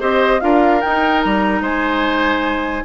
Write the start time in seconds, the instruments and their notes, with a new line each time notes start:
0.00 bassoon C4, clarinet G4, oboe C5, flute D#5
0.41 bassoon D4, clarinet F4, oboe A#4, flute F5
0.82 clarinet D#4, bassoon D#4, flute G5
1.21 bassoon G3, flute A#5
1.61 bassoon G#3, oboe C5, flute G#5